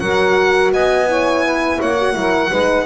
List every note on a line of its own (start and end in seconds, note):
0.00 0.72 F#3
0.00 1.07 F#4
0.00 0.73 A#4
0.00 0.71 F#5
0.72 1.79 B3
0.72 1.09 D#5
0.72 1.81 G#5
1.07 1.96 E4
1.07 1.44 C#5
1.44 1.78 B4
1.78 2.15 A#3
1.78 2.14 C#5
1.78 2.86 F#5
1.99 2.14 F#4
2.14 2.51 F#3
2.14 2.50 E4
2.14 2.50 A#4
2.50 2.86 G#3
2.50 2.86 D#4
2.50 2.86 B4